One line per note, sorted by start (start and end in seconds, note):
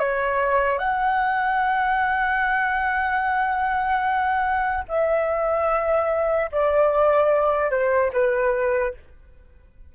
0.00 0.79 C#5
0.79 4.85 F#5
4.89 6.51 E5
6.52 7.71 D5
7.71 8.12 C5
8.13 8.94 B4